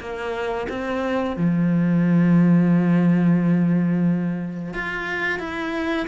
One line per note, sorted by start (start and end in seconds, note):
0.00 0.67 A#3
0.69 1.36 C4
1.36 4.73 F3
4.74 5.39 F4
5.39 6.07 E4